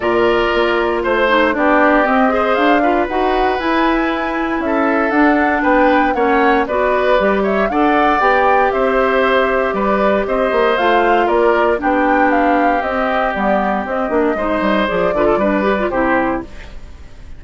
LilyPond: <<
  \new Staff \with { instrumentName = "flute" } { \time 4/4 \tempo 4 = 117 d''2 c''4 d''4 | dis''4 f''4 fis''4 gis''4~ | gis''4 e''4 fis''4 g''4 | fis''4 d''4. e''8 fis''4 |
g''4 e''2 d''4 | dis''4 f''4 d''4 g''4 | f''4 dis''4 d''4 dis''4~ | dis''4 d''2 c''4 | }
  \new Staff \with { instrumentName = "oboe" } { \time 4/4 ais'2 c''4 g'4~ | g'8 c''4 b'2~ b'8~ | b'4 a'2 b'4 | cis''4 b'4. cis''8 d''4~ |
d''4 c''2 b'4 | c''2 ais'4 g'4~ | g'1 | c''4. b'16 a'16 b'4 g'4 | }
  \new Staff \with { instrumentName = "clarinet" } { \time 4/4 f'2~ f'8 dis'8 d'4 | c'8 gis'4 f'8 fis'4 e'4~ | e'2 d'2 | cis'4 fis'4 g'4 a'4 |
g'1~ | g'4 f'2 d'4~ | d'4 c'4 b4 c'8 d'8 | dis'4 gis'8 f'8 d'8 g'16 f'16 e'4 | }
  \new Staff \with { instrumentName = "bassoon" } { \time 4/4 ais,4 ais4 a4 b4 | c'4 d'4 dis'4 e'4~ | e'4 cis'4 d'4 b4 | ais4 b4 g4 d'4 |
b4 c'2 g4 | c'8 ais8 a4 ais4 b4~ | b4 c'4 g4 c'8 ais8 | gis8 g8 f8 d8 g4 c4 | }
>>